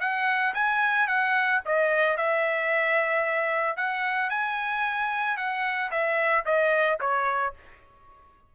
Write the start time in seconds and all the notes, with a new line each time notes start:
0.00 F#5
0.54 G#5
1.07 F#5
1.65 D#5
2.17 E5
3.76 F#5
4.30 G#5
5.37 F#5
5.91 E5
6.45 D#5
7.00 C#5